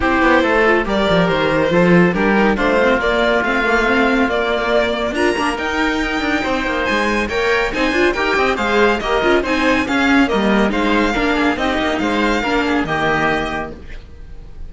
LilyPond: <<
  \new Staff \with { instrumentName = "violin" } { \time 4/4 \tempo 4 = 140 c''2 d''4 c''4~ | c''4 ais'4 c''4 d''4 | f''2 d''2 | ais''4 g''2. |
gis''4 g''4 gis''4 g''4 | f''4 dis''4 gis''4 f''4 | dis''4 f''2 dis''4 | f''2 dis''2 | }
  \new Staff \with { instrumentName = "oboe" } { \time 4/4 g'4 a'4 ais'2 | a'4 g'4 f'2~ | f'1 | ais'2. c''4~ |
c''4 cis''4 c''4 ais'8 dis''8 | c''4 ais'4 c''4 gis'4 | ais'4 c''4 ais'8 gis'8 g'4 | c''4 ais'8 gis'8 g'2 | }
  \new Staff \with { instrumentName = "viola" } { \time 4/4 e'4. f'8 g'2 | f'4 d'8 dis'8 d'8 c'8 ais4 | c'8 ais8 c'4 ais2 | f'8 d'8 dis'2.~ |
dis'4 ais'4 dis'8 f'8 g'4 | gis'4 g'8 f'8 dis'4 cis'4 | ais4 dis'4 d'4 dis'4~ | dis'4 d'4 ais2 | }
  \new Staff \with { instrumentName = "cello" } { \time 4/4 c'8 b8 a4 g8 f8 dis4 | f4 g4 a4 ais4 | a2 ais2 | d'8 ais8 dis'4. d'8 c'8 ais8 |
gis4 ais4 c'8 d'8 dis'8 c'8 | gis4 ais8 cis'8 c'4 cis'4 | g4 gis4 ais4 c'8 ais8 | gis4 ais4 dis2 | }
>>